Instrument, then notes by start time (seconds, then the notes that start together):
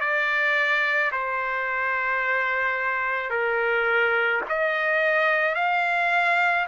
trumpet
0.00 D5
1.12 C5
3.30 A#4
4.48 D#5
5.55 F5